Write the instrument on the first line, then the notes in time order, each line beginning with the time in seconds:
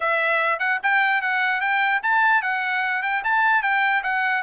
trumpet
0.00 E5
0.59 F#5
0.83 G5
1.21 F#5
1.60 G5
2.03 A5
2.42 F#5
3.02 G5
3.23 A5
3.62 G5
4.03 F#5